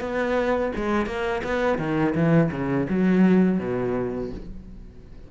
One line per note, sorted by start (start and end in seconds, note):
0.00 0.71 B3
0.75 1.06 G#3
1.06 1.42 A#3
1.44 1.78 B3
1.78 2.14 D#3
2.15 2.50 E3
2.51 2.87 C#3
2.89 3.59 F#3
3.59 4.30 B2